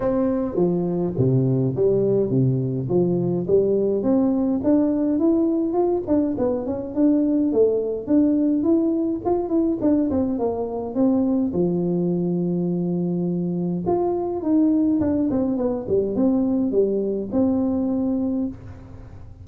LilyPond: \new Staff \with { instrumentName = "tuba" } { \time 4/4 \tempo 4 = 104 c'4 f4 c4 g4 | c4 f4 g4 c'4 | d'4 e'4 f'8 d'8 b8 cis'8 | d'4 a4 d'4 e'4 |
f'8 e'8 d'8 c'8 ais4 c'4 | f1 | f'4 dis'4 d'8 c'8 b8 g8 | c'4 g4 c'2 | }